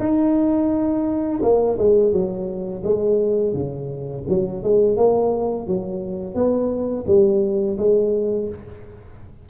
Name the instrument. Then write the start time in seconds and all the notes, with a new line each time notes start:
tuba
0.00 D#4
1.43 A#3
1.78 G#3
2.13 F#3
2.84 G#3
3.54 C#3
4.29 F#3
4.63 G#3
4.97 A#3
5.68 F#3
6.35 B3
7.07 G3
7.78 G#3